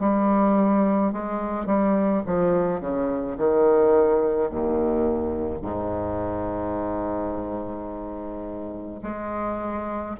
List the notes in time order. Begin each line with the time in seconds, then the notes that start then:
0.00 G3
1.13 G#3
1.67 G3
2.26 F3
2.81 C#3
3.38 D#3
4.50 D#2
5.62 G#2
9.03 G#3